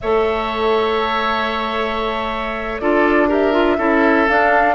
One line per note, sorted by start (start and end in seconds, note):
0.01 2.80 A3
0.01 2.81 A4
0.01 2.81 C#5
0.01 2.79 E5
2.79 3.78 D4
2.79 3.28 F4
2.79 3.28 A4
2.79 3.28 D5
3.28 3.52 G4
3.28 3.77 A#4
3.28 4.27 E5
3.52 3.77 F4
3.77 4.27 C#4
3.77 4.26 E4
3.77 4.75 A4
4.27 4.75 D4
4.27 4.75 F5